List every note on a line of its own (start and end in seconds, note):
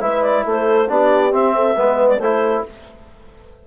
0.00 0.44 G#3
0.00 0.87 E4
0.00 0.44 B4
0.00 0.21 E5
0.21 0.43 D5
0.44 0.89 A3
0.44 0.87 A4
0.44 0.89 C5
0.89 1.32 B3
0.89 1.31 D4
0.89 1.55 G4
0.89 1.32 D5
1.31 1.74 C4
1.31 1.76 C4
1.31 2.08 E5
1.55 1.77 A4
1.76 2.18 G#3
1.76 2.19 B3
1.76 2.19 B4
2.08 2.19 D5
2.18 2.62 A3
2.18 2.67 E4
2.18 2.63 A4
2.18 2.63 C5